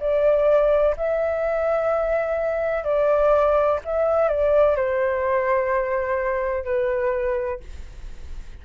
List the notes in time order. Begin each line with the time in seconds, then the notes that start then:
0.00 D5
0.97 E5
2.84 D5
3.84 E5
4.28 D5
4.76 C5
6.65 B4